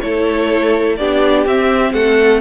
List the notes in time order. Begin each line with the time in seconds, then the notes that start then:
0.00 A3 E4 A4 C#5
0.96 B3 D4 G4 D5
1.45 C4 E5
1.93 A3 A4 F#5